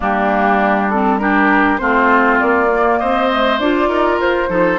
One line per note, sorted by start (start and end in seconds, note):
0.00 1.80 G3
0.00 0.89 A#3
0.00 1.19 D4
0.00 0.90 G4
0.90 1.19 C4
0.90 1.18 A4
1.18 1.78 D4
1.18 1.80 G4
1.18 1.77 A#4
1.77 2.41 A3
1.77 2.68 C4
1.77 2.99 F4
1.77 2.37 C5
2.39 3.01 A#3
2.39 2.98 D5
2.71 3.31 A#3
2.98 3.59 C4
2.98 3.89 C5
2.98 3.58 D#5
3.31 3.61 A3
3.59 3.87 D4
3.59 4.47 F4
3.59 4.19 D5
3.87 4.17 D#4
3.87 4.49 A#4
4.17 4.47 F4
4.17 4.78 C5
4.47 4.78 F3
4.47 4.77 D#4
4.47 4.78 A4